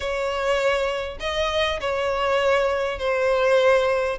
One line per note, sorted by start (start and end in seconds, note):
0.00 1.18 C#5
1.20 1.80 D#5
1.80 2.98 C#5
2.98 4.18 C5